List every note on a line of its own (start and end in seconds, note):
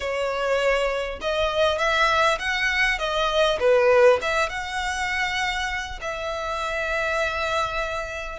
0.00 1.19 C#5
1.21 1.78 D#5
1.78 2.38 E5
2.38 2.98 F#5
2.98 3.58 D#5
3.59 4.19 B4
4.21 4.49 E5
4.49 5.99 F#5
6.01 8.39 E5